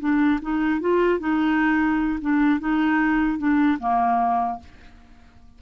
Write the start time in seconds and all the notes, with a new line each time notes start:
0.00 D4
0.42 D#4
0.81 F4
1.19 D#4
2.21 D4
2.60 D#4
3.38 D4
3.80 A#3